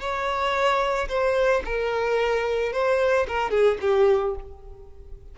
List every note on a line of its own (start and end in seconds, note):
0.00 1.08 C#5
1.08 1.62 C5
1.65 2.72 A#4
2.72 3.26 C5
3.28 3.50 A#4
3.50 3.77 G#4
3.81 4.35 G4